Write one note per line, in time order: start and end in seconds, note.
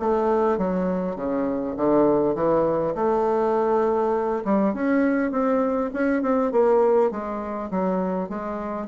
0.00 0.58 A3
0.58 1.16 F#3
1.16 1.75 C#3
1.77 2.35 D3
2.35 2.95 E3
2.95 4.43 A3
4.44 4.74 G3
4.74 5.31 C#4
5.31 5.91 C4
5.94 6.22 C#4
6.22 6.52 C4
6.52 7.11 A#3
7.11 7.70 G#3
7.70 8.29 F#3
8.29 8.88 G#3